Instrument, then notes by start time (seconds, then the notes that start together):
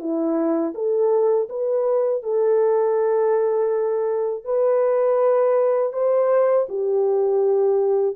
horn
0.00 E4
0.75 A4
1.49 B4
2.23 A4
4.45 B4
5.93 C5
6.69 G4